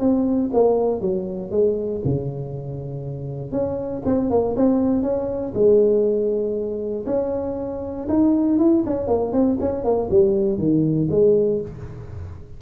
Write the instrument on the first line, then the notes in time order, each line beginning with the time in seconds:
tuba
0.00 C4
0.54 A#3
1.01 F#3
1.51 G#3
2.05 C#3
3.52 C#4
4.05 C4
4.30 A#3
4.56 C4
5.03 C#4
5.54 G#3
7.07 C#4
8.09 D#4
8.59 E4
8.86 C#4
9.08 A#3
9.33 C4
9.60 C#4
9.85 A#3
10.10 G3
10.58 D#3
11.11 G#3